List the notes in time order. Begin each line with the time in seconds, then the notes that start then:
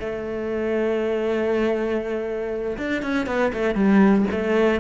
0.00 A3
2.78 D4
3.03 C#4
3.27 B3
3.53 A3
3.75 G3
4.31 A3